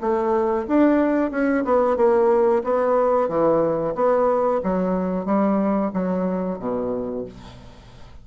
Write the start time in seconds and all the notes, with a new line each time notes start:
0.00 A3
0.67 D4
1.31 C#4
1.64 B3
1.96 A#3
2.63 B3
3.28 E3
3.95 B3
4.63 F#3
5.25 G3
5.93 F#3
6.59 B2